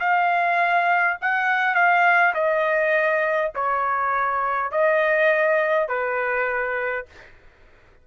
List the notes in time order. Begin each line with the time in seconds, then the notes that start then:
0.00 F5
1.22 F#5
1.75 F5
2.34 D#5
3.55 C#5
4.72 D#5
5.89 B4